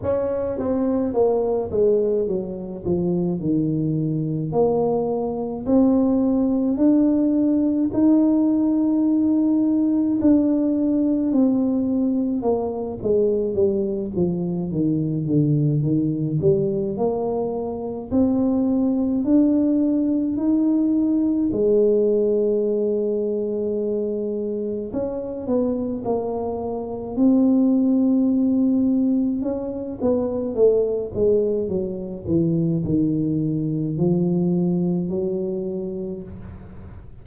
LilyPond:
\new Staff \with { instrumentName = "tuba" } { \time 4/4 \tempo 4 = 53 cis'8 c'8 ais8 gis8 fis8 f8 dis4 | ais4 c'4 d'4 dis'4~ | dis'4 d'4 c'4 ais8 gis8 | g8 f8 dis8 d8 dis8 g8 ais4 |
c'4 d'4 dis'4 gis4~ | gis2 cis'8 b8 ais4 | c'2 cis'8 b8 a8 gis8 | fis8 e8 dis4 f4 fis4 | }